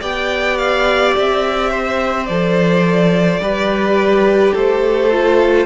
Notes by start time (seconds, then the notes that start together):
0.00 B3 G4 D5 G5
0.57 F5
1.17 C4 E5
1.70 C5
2.26 F3 A4 D5
3.39 G3 G4 B4
4.53 A3 A4 C5
5.12 F4